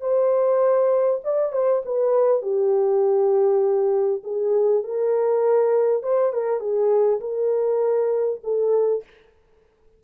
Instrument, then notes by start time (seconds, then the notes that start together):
horn
0.00 C5
1.24 D5
1.52 C5
1.85 B4
2.42 G4
4.23 G#4
4.84 A#4
6.02 C5
6.32 A#4
6.60 G#4
7.20 A#4
8.44 A4